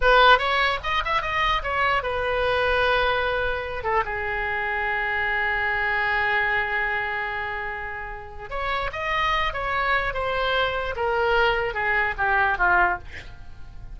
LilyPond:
\new Staff \with { instrumentName = "oboe" } { \time 4/4 \tempo 4 = 148 b'4 cis''4 dis''8 e''8 dis''4 | cis''4 b'2.~ | b'4. a'8 gis'2~ | gis'1~ |
gis'1~ | gis'4 cis''4 dis''4. cis''8~ | cis''4 c''2 ais'4~ | ais'4 gis'4 g'4 f'4 | }